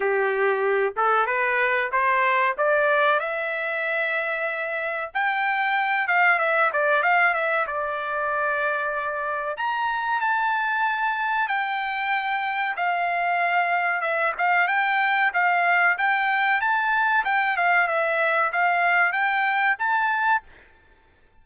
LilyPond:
\new Staff \with { instrumentName = "trumpet" } { \time 4/4 \tempo 4 = 94 g'4. a'8 b'4 c''4 | d''4 e''2. | g''4. f''8 e''8 d''8 f''8 e''8 | d''2. ais''4 |
a''2 g''2 | f''2 e''8 f''8 g''4 | f''4 g''4 a''4 g''8 f''8 | e''4 f''4 g''4 a''4 | }